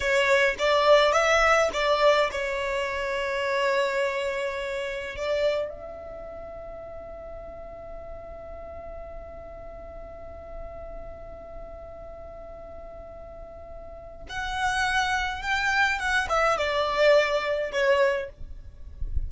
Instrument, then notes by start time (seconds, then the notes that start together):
violin
0.00 C#5
0.58 D5
1.12 E5
1.73 D5
2.31 C#5
5.16 D5
5.69 E5
14.29 F#5
15.42 G5
15.99 F#5
16.29 E5
16.57 D5
17.72 C#5